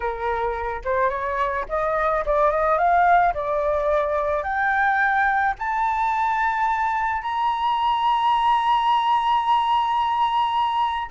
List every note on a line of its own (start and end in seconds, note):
0.00 0.81 A#4
0.84 1.09 C5
1.09 1.65 C#5
1.68 2.24 D#5
2.25 2.51 D5
2.51 2.78 D#5
2.78 3.33 F5
3.34 4.43 D5
4.43 5.54 G5
5.58 7.22 A5
7.22 11.11 A#5